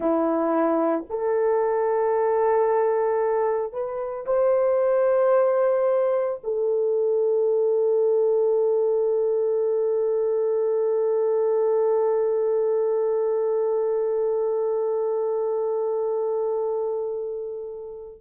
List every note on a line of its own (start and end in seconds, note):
0.00 1.04 E4
1.10 3.73 A4
3.73 4.26 B4
4.26 6.40 C5
6.43 18.21 A4